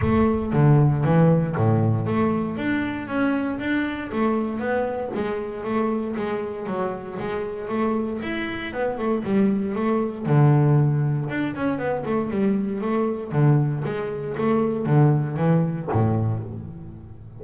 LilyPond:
\new Staff \with { instrumentName = "double bass" } { \time 4/4 \tempo 4 = 117 a4 d4 e4 a,4 | a4 d'4 cis'4 d'4 | a4 b4 gis4 a4 | gis4 fis4 gis4 a4 |
e'4 b8 a8 g4 a4 | d2 d'8 cis'8 b8 a8 | g4 a4 d4 gis4 | a4 d4 e4 a,4 | }